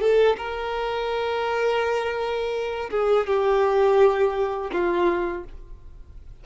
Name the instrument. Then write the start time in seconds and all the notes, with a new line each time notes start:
violin
0.00 A4
0.37 A#4
2.90 G#4
3.27 G4
4.72 F4